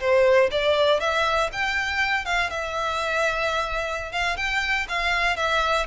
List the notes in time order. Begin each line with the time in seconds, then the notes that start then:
0.00 C5
0.51 D5
1.00 E5
1.52 G5
2.25 F5
2.50 E5
4.12 F5
4.37 G5
4.89 F5
5.36 E5